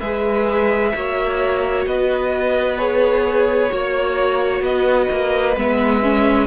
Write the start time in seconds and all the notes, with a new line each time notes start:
0.00 G#3 G#4 B4 E5
0.95 A#3 F#4 C#5
1.86 B3 B4 D#5
2.78 G#4 C#5
3.70 A#3 F#4 C#5
4.61 B3 B4 D#5
5.11 A#3
5.57 G#3 B3 E5
6.03 C#4